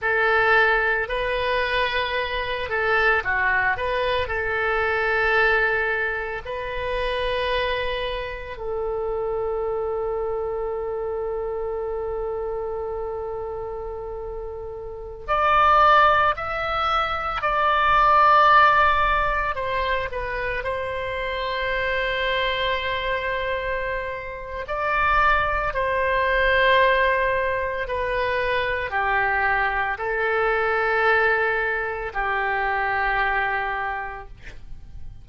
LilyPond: \new Staff \with { instrumentName = "oboe" } { \time 4/4 \tempo 4 = 56 a'4 b'4. a'8 fis'8 b'8 | a'2 b'2 | a'1~ | a'2~ a'16 d''4 e''8.~ |
e''16 d''2 c''8 b'8 c''8.~ | c''2. d''4 | c''2 b'4 g'4 | a'2 g'2 | }